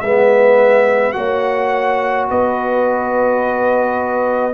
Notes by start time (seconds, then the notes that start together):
0.00 G#3 B3 B4 E5
1.12 A#3 F#4 C#5 F#5
2.29 B3 B4 D#5